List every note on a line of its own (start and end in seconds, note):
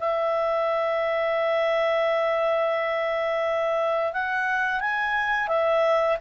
0.00 4.13 E5
4.13 4.81 F#5
4.81 5.48 G#5
5.48 6.17 E5